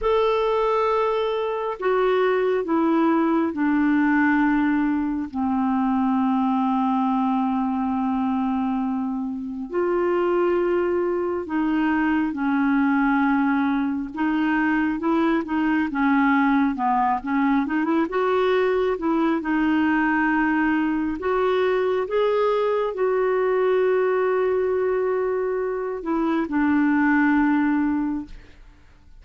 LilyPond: \new Staff \with { instrumentName = "clarinet" } { \time 4/4 \tempo 4 = 68 a'2 fis'4 e'4 | d'2 c'2~ | c'2. f'4~ | f'4 dis'4 cis'2 |
dis'4 e'8 dis'8 cis'4 b8 cis'8 | dis'16 e'16 fis'4 e'8 dis'2 | fis'4 gis'4 fis'2~ | fis'4. e'8 d'2 | }